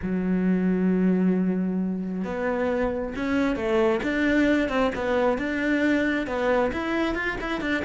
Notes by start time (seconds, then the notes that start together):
0.02 F#3
2.24 B3
3.15 C#4
3.56 A3
4.03 D4
4.68 C4
4.95 B3
5.38 D4
6.26 B3
6.72 E4
7.14 F4
7.41 E4
7.60 D4